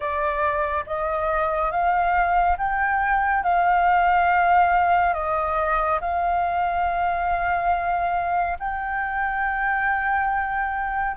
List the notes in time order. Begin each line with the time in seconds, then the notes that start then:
0.00 D5
0.86 D#5
1.71 F5
2.57 G5
3.43 F5
5.14 D#5
6.00 F5
8.59 G5